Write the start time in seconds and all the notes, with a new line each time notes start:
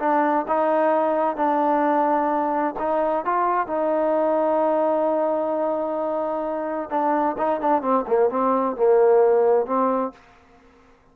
0.00 D4
0.48 D#4
1.37 D4
2.79 D#4
3.25 F4
3.67 D#4
6.90 D4
7.38 D#4
7.61 D4
7.82 C4
8.08 A#3
8.30 C4
8.77 A#3
9.67 C4